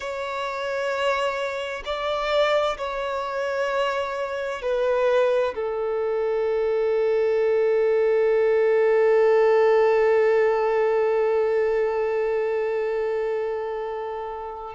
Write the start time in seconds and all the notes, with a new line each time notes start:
0.00 C#5
1.85 D5
2.77 C#5
4.62 B4
5.54 A4